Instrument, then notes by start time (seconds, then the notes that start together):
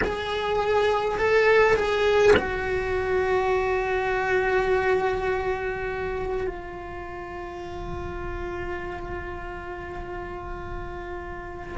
cello
0.03 G#4
1.18 A4
1.76 G#4
2.36 F#4
6.46 F4